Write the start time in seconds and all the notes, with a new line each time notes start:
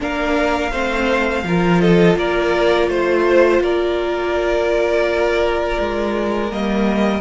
0.00 A#3 D4 A#4 F5
0.71 A3 C4 C5
1.43 F3 F4 A#4
1.80 A4 D#5
2.16 A#3 A#4 D5
2.87 A3 C5
3.60 A#3 A#4 D5
5.79 G#3
6.50 G3 A#3 D#5